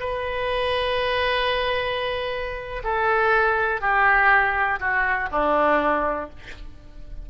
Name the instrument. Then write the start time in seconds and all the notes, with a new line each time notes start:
oboe
0.00 B4
2.84 A4
3.81 G4
4.80 F#4
5.31 D4